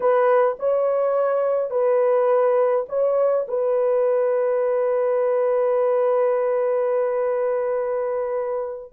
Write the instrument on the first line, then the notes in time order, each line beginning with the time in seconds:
horn
0.00 B4
0.59 C#5
1.70 B4
2.88 C#5
3.48 B4